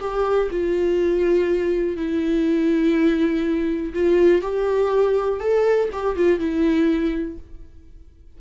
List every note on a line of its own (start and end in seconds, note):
0.00 0.49 G4
0.51 1.96 F4
1.96 3.93 E4
3.94 4.42 F4
4.42 5.40 G4
5.40 5.89 A4
5.92 6.16 G4
6.16 6.39 F4
6.39 7.38 E4